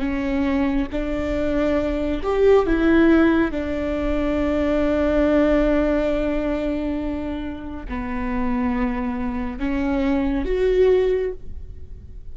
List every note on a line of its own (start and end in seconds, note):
0.00 0.87 C#4
0.92 2.23 D4
2.23 2.67 G4
2.67 3.52 E4
3.52 7.87 D4
7.89 9.59 B3
9.59 10.45 C#4
10.45 11.32 F#4